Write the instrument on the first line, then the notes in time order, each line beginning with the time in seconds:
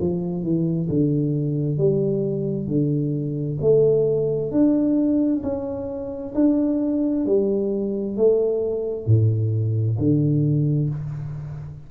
tuba
0.00 F3
0.43 E3
0.89 D3
1.78 G3
2.67 D3
3.61 A3
4.51 D4
5.43 C#4
6.35 D4
7.26 G3
8.17 A3
9.06 A2
9.98 D3